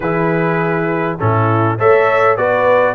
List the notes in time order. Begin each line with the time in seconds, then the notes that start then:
0.00 E3 E4 G#4 B4
1.19 A2 C#4 E4 A4
1.77 A3 A4 C#5 E5
2.36 B3 F#4 B4 D5